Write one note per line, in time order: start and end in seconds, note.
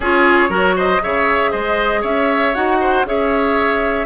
0.00 0.49 C#4
0.00 0.49 F4
0.00 0.49 G#4
0.00 0.78 C#5
0.49 1.00 F#3
0.49 0.99 F#4
0.49 0.74 A#4
0.76 1.01 C5
0.76 1.02 D#5
1.02 1.53 C#3
1.02 2.54 G#4
1.02 1.51 C#5
1.02 1.51 E5
1.51 2.03 G#3
1.51 2.01 C5
1.51 2.02 D#5
2.01 2.54 C#4
2.01 2.77 C#5
2.01 2.54 E5
2.54 3.04 D#4
2.54 3.05 F#4
2.54 3.05 F#5
2.80 3.06 C5
3.04 4.06 C#4
3.04 4.06 G#4
3.04 4.06 C#5
3.04 4.06 E5